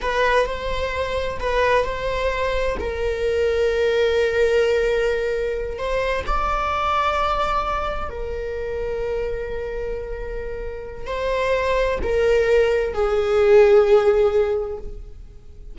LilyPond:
\new Staff \with { instrumentName = "viola" } { \time 4/4 \tempo 4 = 130 b'4 c''2 b'4 | c''2 ais'2~ | ais'1~ | ais'8 c''4 d''2~ d''8~ |
d''4. ais'2~ ais'8~ | ais'1 | c''2 ais'2 | gis'1 | }